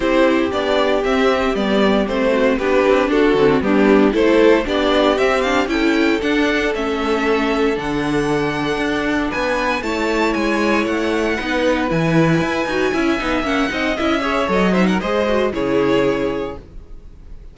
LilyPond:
<<
  \new Staff \with { instrumentName = "violin" } { \time 4/4 \tempo 4 = 116 c''4 d''4 e''4 d''4 | c''4 b'4 a'4 g'4 | c''4 d''4 e''8 f''8 g''4 | fis''4 e''2 fis''4~ |
fis''2 gis''4 a''4 | gis''4 fis''2 gis''4~ | gis''2 fis''4 e''4 | dis''8 e''16 fis''16 dis''4 cis''2 | }
  \new Staff \with { instrumentName = "violin" } { \time 4/4 g'1~ | g'8 fis'8 g'4 fis'4 d'4 | a'4 g'2 a'4~ | a'1~ |
a'2 b'4 cis''4~ | cis''2 b'2~ | b'4 e''4. dis''4 cis''8~ | cis''8 c''16 ais'16 c''4 gis'2 | }
  \new Staff \with { instrumentName = "viola" } { \time 4/4 e'4 d'4 c'4 b4 | c'4 d'4. c'8 b4 | e'4 d'4 c'8 d'8 e'4 | d'4 cis'2 d'4~ |
d'2. e'4~ | e'2 dis'4 e'4~ | e'8 fis'8 e'8 dis'8 cis'8 dis'8 e'8 gis'8 | a'8 dis'8 gis'8 fis'8 e'2 | }
  \new Staff \with { instrumentName = "cello" } { \time 4/4 c'4 b4 c'4 g4 | a4 b8 c'8 d'8 d8 g4 | a4 b4 c'4 cis'4 | d'4 a2 d4~ |
d4 d'4 b4 a4 | gis4 a4 b4 e4 | e'8 dis'8 cis'8 b8 ais8 c'8 cis'4 | fis4 gis4 cis2 | }
>>